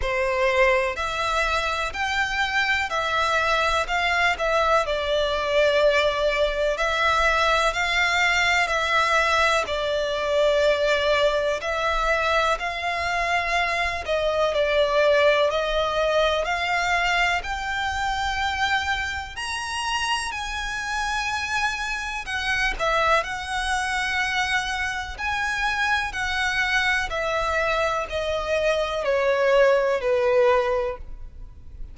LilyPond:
\new Staff \with { instrumentName = "violin" } { \time 4/4 \tempo 4 = 62 c''4 e''4 g''4 e''4 | f''8 e''8 d''2 e''4 | f''4 e''4 d''2 | e''4 f''4. dis''8 d''4 |
dis''4 f''4 g''2 | ais''4 gis''2 fis''8 e''8 | fis''2 gis''4 fis''4 | e''4 dis''4 cis''4 b'4 | }